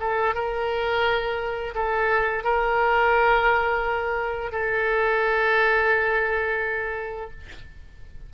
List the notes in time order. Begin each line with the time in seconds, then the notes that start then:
0.00 A4
0.35 A#4
1.75 A4
2.44 A#4
4.52 A4